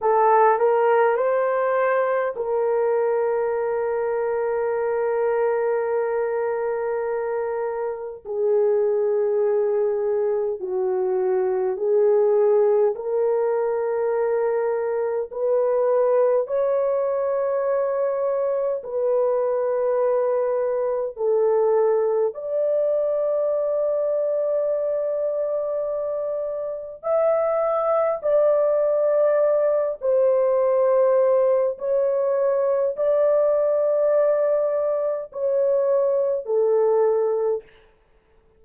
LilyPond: \new Staff \with { instrumentName = "horn" } { \time 4/4 \tempo 4 = 51 a'8 ais'8 c''4 ais'2~ | ais'2. gis'4~ | gis'4 fis'4 gis'4 ais'4~ | ais'4 b'4 cis''2 |
b'2 a'4 d''4~ | d''2. e''4 | d''4. c''4. cis''4 | d''2 cis''4 a'4 | }